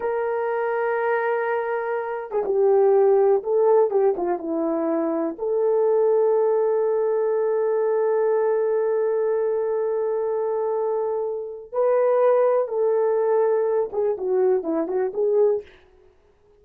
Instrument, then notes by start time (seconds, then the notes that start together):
horn
0.00 A#4
2.31 G#4
2.45 G4
3.43 A4
3.90 G4
4.16 F4
4.38 E4
5.38 A4
11.72 B4
12.67 A4
13.92 G#4
14.17 F#4
14.63 E4
14.87 F#4
15.13 G#4